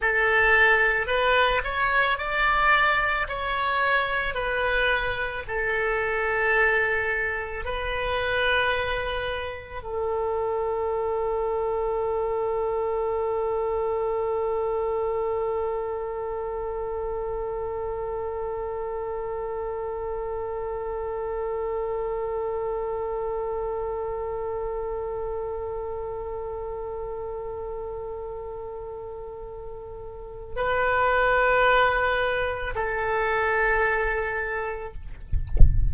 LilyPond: \new Staff \with { instrumentName = "oboe" } { \time 4/4 \tempo 4 = 55 a'4 b'8 cis''8 d''4 cis''4 | b'4 a'2 b'4~ | b'4 a'2.~ | a'1~ |
a'1~ | a'1~ | a'1 | b'2 a'2 | }